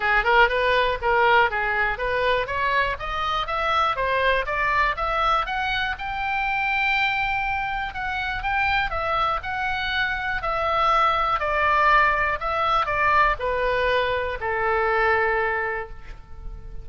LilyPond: \new Staff \with { instrumentName = "oboe" } { \time 4/4 \tempo 4 = 121 gis'8 ais'8 b'4 ais'4 gis'4 | b'4 cis''4 dis''4 e''4 | c''4 d''4 e''4 fis''4 | g''1 |
fis''4 g''4 e''4 fis''4~ | fis''4 e''2 d''4~ | d''4 e''4 d''4 b'4~ | b'4 a'2. | }